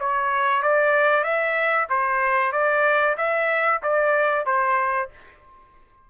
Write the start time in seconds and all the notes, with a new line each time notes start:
0.00 C#5
0.63 D5
1.24 E5
1.90 C5
2.53 D5
3.18 E5
3.83 D5
4.46 C5